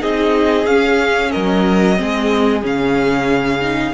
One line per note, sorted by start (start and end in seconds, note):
0.00 0.66 C4
0.00 0.65 D#4
0.00 1.31 G#4
0.00 0.66 D#5
0.66 1.31 C#4
0.66 1.97 C#4
0.66 1.32 F5
1.31 2.01 F#3
1.31 1.96 A#4
1.31 2.62 D#5
1.97 2.64 G#3
1.97 2.62 C4
1.97 3.94 G#4
2.62 3.94 C#3
2.62 3.60 C#4
2.62 3.94 F5
3.61 3.93 D#4